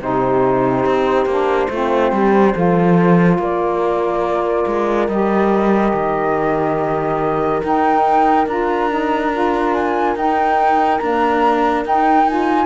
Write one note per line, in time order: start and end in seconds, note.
0.00 0.85 C3
0.00 1.27 D#4
0.00 1.72 G4
0.00 3.39 C5
0.85 1.25 C4
1.25 1.67 A#3
1.25 1.70 D4
1.69 2.11 A3
1.69 2.55 C4
1.69 2.13 F4
2.11 2.54 G3
2.11 2.54 G4
2.54 3.38 F3
2.54 5.08 F4
2.54 3.39 A4
3.38 4.65 A#3
3.38 12.66 A#4
3.38 5.08 D5
4.66 5.08 G#3
5.08 5.92 G3
5.08 7.61 G4
5.08 7.61 D#5
5.93 7.62 D#3
7.61 8.46 D#4
7.61 8.47 G5
8.46 10.15 D4
8.46 8.89 F4
8.46 9.73 A#5
8.89 9.31 D#4
9.32 10.15 F4
9.73 10.16 G#5
10.15 10.99 D#4
10.15 11.00 D#4
10.15 10.98 G5
10.98 11.84 A#3
10.98 11.85 D4
10.98 11.82 A#5
11.84 12.26 D#4
11.84 12.66 D#4
11.84 12.28 G5
12.27 12.66 F4
12.27 12.66 G#5